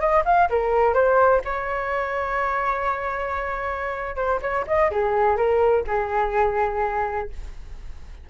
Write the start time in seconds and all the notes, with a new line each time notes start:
0.00 D#5
0.25 F5
0.50 A#4
0.94 C5
1.45 C#5
4.16 C5
4.42 C#5
4.67 D#5
4.91 G#4
5.37 A#4
5.87 G#4